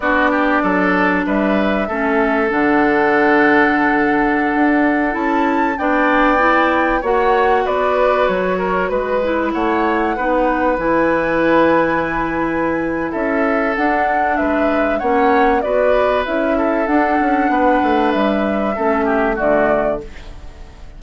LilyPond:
<<
  \new Staff \with { instrumentName = "flute" } { \time 4/4 \tempo 4 = 96 d''2 e''2 | fis''1~ | fis''16 a''4 g''2 fis''8.~ | fis''16 d''4 cis''4 b'4 fis''8.~ |
fis''4~ fis''16 gis''2~ gis''8.~ | gis''4 e''4 fis''4 e''4 | fis''4 d''4 e''4 fis''4~ | fis''4 e''2 d''4 | }
  \new Staff \with { instrumentName = "oboe" } { \time 4/4 fis'8 g'8 a'4 b'4 a'4~ | a'1~ | a'4~ a'16 d''2 cis''8.~ | cis''16 b'4. ais'8 b'4 cis''8.~ |
cis''16 b'2.~ b'8.~ | b'4 a'2 b'4 | cis''4 b'4. a'4. | b'2 a'8 g'8 fis'4 | }
  \new Staff \with { instrumentName = "clarinet" } { \time 4/4 d'2. cis'4 | d'1~ | d'16 e'4 d'4 e'4 fis'8.~ | fis'2~ fis'8. e'4~ e'16~ |
e'16 dis'4 e'2~ e'8.~ | e'2 d'2 | cis'4 fis'4 e'4 d'4~ | d'2 cis'4 a4 | }
  \new Staff \with { instrumentName = "bassoon" } { \time 4/4 b4 fis4 g4 a4 | d2.~ d16 d'8.~ | d'16 cis'4 b2 ais8.~ | ais16 b4 fis4 gis4 a8.~ |
a16 b4 e2~ e8.~ | e4 cis'4 d'4 gis4 | ais4 b4 cis'4 d'8 cis'8 | b8 a8 g4 a4 d4 | }
>>